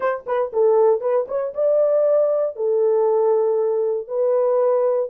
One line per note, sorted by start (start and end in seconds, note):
0.00 0.24 C5
0.26 0.52 B4
0.52 1.00 A4
1.00 1.26 B4
1.28 1.53 C#5
1.54 2.55 D5
2.55 4.07 A4
4.07 5.09 B4